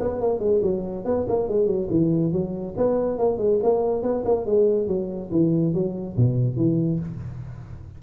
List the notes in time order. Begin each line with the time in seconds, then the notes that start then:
0.00 B3
0.20 A#3
0.39 G#3
0.62 F#3
1.05 B3
1.28 A#3
1.48 G#3
1.66 F#3
1.90 E3
2.32 F#3
2.77 B3
3.18 A#3
3.38 G#3
3.62 A#3
4.02 B3
4.25 A#3
4.46 G#3
4.87 F#3
5.31 E3
5.73 F#3
6.16 B2
6.56 E3